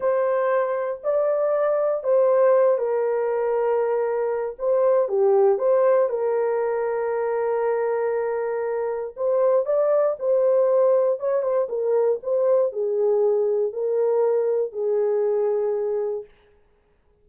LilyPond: \new Staff \with { instrumentName = "horn" } { \time 4/4 \tempo 4 = 118 c''2 d''2 | c''4. ais'2~ ais'8~ | ais'4 c''4 g'4 c''4 | ais'1~ |
ais'2 c''4 d''4 | c''2 cis''8 c''8 ais'4 | c''4 gis'2 ais'4~ | ais'4 gis'2. | }